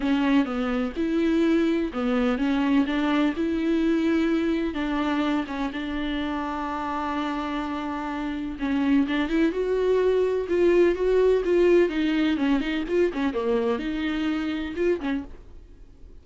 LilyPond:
\new Staff \with { instrumentName = "viola" } { \time 4/4 \tempo 4 = 126 cis'4 b4 e'2 | b4 cis'4 d'4 e'4~ | e'2 d'4. cis'8 | d'1~ |
d'2 cis'4 d'8 e'8 | fis'2 f'4 fis'4 | f'4 dis'4 cis'8 dis'8 f'8 cis'8 | ais4 dis'2 f'8 cis'8 | }